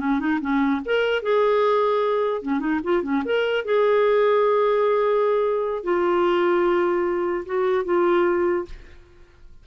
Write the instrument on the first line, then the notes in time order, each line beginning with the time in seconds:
clarinet
0.00 C#4
0.20 D#4
0.41 C#4
0.86 A#4
1.23 G#4
2.42 C#4
2.60 D#4
2.84 F4
3.03 C#4
3.25 A#4
3.65 G#4
5.84 F4
7.46 F#4
7.85 F4